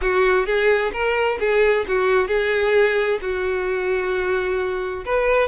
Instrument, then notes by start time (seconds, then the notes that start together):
violin
0.01 F#4
0.46 G#4
0.92 A#4
1.39 G#4
1.87 F#4
2.27 G#4
3.21 F#4
5.05 B4